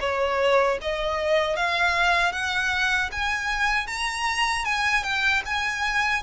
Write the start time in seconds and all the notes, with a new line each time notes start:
0.00 C#5
0.81 D#5
1.56 F5
2.32 F#5
3.11 G#5
3.87 A#5
4.65 G#5
5.03 G5
5.45 G#5